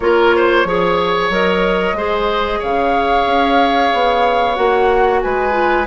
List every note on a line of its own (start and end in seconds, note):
0.00 0.64 A#3
0.00 0.66 F4
0.00 0.35 A#4
0.00 1.30 C#5
0.35 0.67 C5
0.64 1.29 F3
0.64 1.31 G#4
0.64 1.97 C#5
1.29 1.93 F#3
1.29 1.96 A#4
1.29 2.62 D#5
1.93 2.58 G#3
1.93 4.55 G#4
1.93 2.59 C5
2.59 3.25 C#3
2.59 5.20 C#5
2.59 4.55 F5
3.25 3.90 C#4
3.93 4.57 B3
4.55 5.22 A#3
4.55 5.51 F#4
4.55 5.20 F#5
5.21 5.87 G#3
5.21 5.87 B4
5.21 5.86 G#5
5.51 5.84 F4